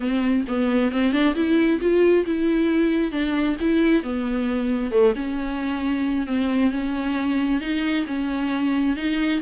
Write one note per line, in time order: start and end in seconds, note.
0.00 0.44 C4
0.48 0.91 B3
0.91 1.12 C4
1.12 1.34 D4
1.35 1.80 E4
1.80 2.25 F4
2.26 3.11 E4
3.11 3.56 D4
3.60 4.03 E4
4.03 4.91 B3
4.91 5.13 A3
5.15 6.26 C#4
6.26 6.71 C4
6.71 7.60 C#4
7.61 8.05 D#4
8.07 8.96 C#4
8.96 9.41 D#4